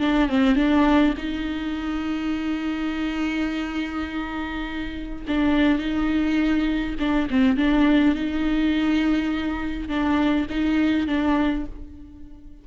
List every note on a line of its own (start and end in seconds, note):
0.00 0.29 D4
0.29 0.56 C4
0.56 1.14 D4
1.18 5.25 D#4
5.28 5.79 D4
5.79 6.96 D#4
7.00 7.29 D4
7.31 7.57 C4
7.57 8.15 D4
8.15 9.89 D#4
9.89 10.47 D4
10.50 11.08 D#4
11.08 11.66 D4